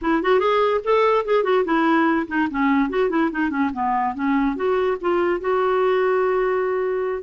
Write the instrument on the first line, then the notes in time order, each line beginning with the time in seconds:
clarinet
0.01 E4
0.22 F#4
0.39 G#4
0.84 A4
1.25 G#4
1.43 F#4
1.64 E4
2.27 D#4
2.50 C#4
2.89 F#4
3.09 E4
3.31 D#4
3.49 C#4
3.73 B3
4.15 C#4
4.55 F#4
5.00 F4
5.40 F#4